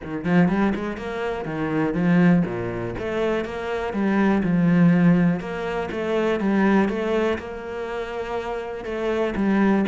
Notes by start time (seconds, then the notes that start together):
0.03 D#3
0.24 F3
0.48 G3
0.75 G#3
0.97 A#3
1.45 D#3
1.94 F3
2.45 A#2
2.98 A3
3.44 A#3
3.93 G3
4.43 F3
5.40 A#3
5.91 A3
6.39 G3
6.89 A3
7.38 A#3
8.84 A3
9.36 G3